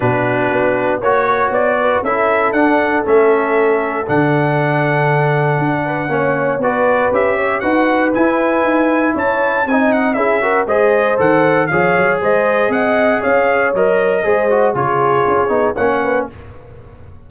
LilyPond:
<<
  \new Staff \with { instrumentName = "trumpet" } { \time 4/4 \tempo 4 = 118 b'2 cis''4 d''4 | e''4 fis''4 e''2 | fis''1~ | fis''4 d''4 e''4 fis''4 |
gis''2 a''4 gis''8 fis''8 | e''4 dis''4 fis''4 f''4 | dis''4 fis''4 f''4 dis''4~ | dis''4 cis''2 fis''4 | }
  \new Staff \with { instrumentName = "horn" } { \time 4/4 fis'2 cis''4. b'8 | a'1~ | a'2.~ a'8 b'8 | cis''4 b'4. cis''8 b'4~ |
b'2 cis''4 dis''4 | gis'8 ais'8 c''2 cis''4 | c''4 dis''4 cis''2 | c''4 gis'2 cis''8 b'8 | }
  \new Staff \with { instrumentName = "trombone" } { \time 4/4 d'2 fis'2 | e'4 d'4 cis'2 | d'1 | cis'4 fis'4 g'4 fis'4 |
e'2. dis'4 | e'8 fis'8 gis'4 a'4 gis'4~ | gis'2. ais'4 | gis'8 fis'8 f'4. dis'8 cis'4 | }
  \new Staff \with { instrumentName = "tuba" } { \time 4/4 b,4 b4 ais4 b4 | cis'4 d'4 a2 | d2. d'4 | ais4 b4 cis'4 dis'4 |
e'4 dis'4 cis'4 c'4 | cis'4 gis4 dis4 f8 fis8 | gis4 c'4 cis'4 fis4 | gis4 cis4 cis'8 b8 ais4 | }
>>